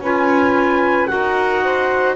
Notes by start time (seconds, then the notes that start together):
0.00 C#4 F4 B4 G#5
1.07 D#4 F#4 A#4 F#5
1.64 C5